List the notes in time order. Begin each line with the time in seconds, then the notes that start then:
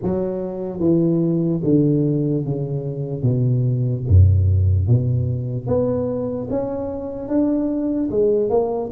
0.02 F#3
0.79 E3
1.63 D3
2.44 C#3
3.22 B2
4.08 F#2
4.87 B2
5.66 B3
6.50 C#4
7.28 D4
8.10 G#3
8.49 A#3